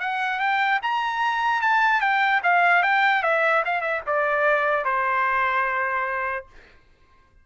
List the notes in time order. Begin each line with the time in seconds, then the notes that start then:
0.00 F#5
0.40 G5
0.83 A#5
1.61 A5
2.01 G5
2.43 F5
2.83 G5
3.23 E5
3.65 F5
3.81 E5
4.07 D5
4.85 C5